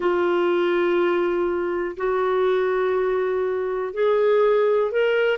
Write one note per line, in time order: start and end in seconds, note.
0.00 1.95 F4
1.96 3.93 F#4
3.93 4.91 G#4
4.91 5.37 A#4